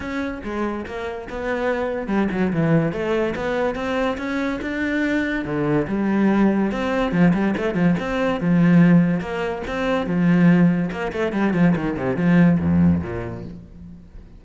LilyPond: \new Staff \with { instrumentName = "cello" } { \time 4/4 \tempo 4 = 143 cis'4 gis4 ais4 b4~ | b4 g8 fis8 e4 a4 | b4 c'4 cis'4 d'4~ | d'4 d4 g2 |
c'4 f8 g8 a8 f8 c'4 | f2 ais4 c'4 | f2 ais8 a8 g8 f8 | dis8 c8 f4 f,4 ais,4 | }